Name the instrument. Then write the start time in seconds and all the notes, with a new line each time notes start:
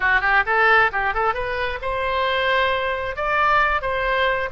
oboe
0.00 F#4
0.21 G4
0.46 A4
0.91 G4
1.13 A4
1.34 B4
1.81 C5
3.16 D5
3.81 C5